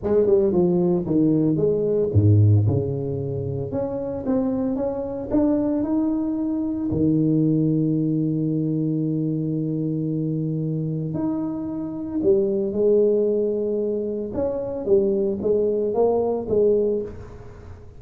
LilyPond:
\new Staff \with { instrumentName = "tuba" } { \time 4/4 \tempo 4 = 113 gis8 g8 f4 dis4 gis4 | gis,4 cis2 cis'4 | c'4 cis'4 d'4 dis'4~ | dis'4 dis2.~ |
dis1~ | dis4 dis'2 g4 | gis2. cis'4 | g4 gis4 ais4 gis4 | }